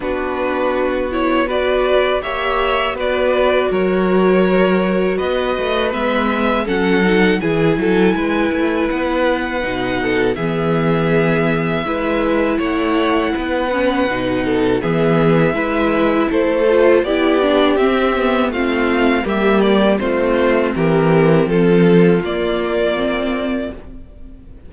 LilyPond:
<<
  \new Staff \with { instrumentName = "violin" } { \time 4/4 \tempo 4 = 81 b'4. cis''8 d''4 e''4 | d''4 cis''2 dis''4 | e''4 fis''4 gis''2 | fis''2 e''2~ |
e''4 fis''2. | e''2 c''4 d''4 | e''4 f''4 e''8 d''8 c''4 | ais'4 a'4 d''2 | }
  \new Staff \with { instrumentName = "violin" } { \time 4/4 fis'2 b'4 cis''4 | b'4 ais'2 b'4~ | b'4 a'4 gis'8 a'8 b'4~ | b'4. a'8 gis'2 |
b'4 cis''4 b'4. a'8 | gis'4 b'4 a'4 g'4~ | g'4 f'4 g'4 f'4 | g'4 f'2. | }
  \new Staff \with { instrumentName = "viola" } { \time 4/4 d'4. e'8 fis'4 g'4 | fis'1 | b4 cis'8 dis'8 e'2~ | e'4 dis'4 b2 |
e'2~ e'8 cis'8 dis'4 | b4 e'4. f'8 e'8 d'8 | c'8 b8 c'4 ais4 c'4~ | c'2 ais4 c'4 | }
  \new Staff \with { instrumentName = "cello" } { \time 4/4 b2. ais4 | b4 fis2 b8 a8 | gis4 fis4 e8 fis8 gis8 a8 | b4 b,4 e2 |
gis4 a4 b4 b,4 | e4 gis4 a4 b4 | c'4 a4 g4 a4 | e4 f4 ais2 | }
>>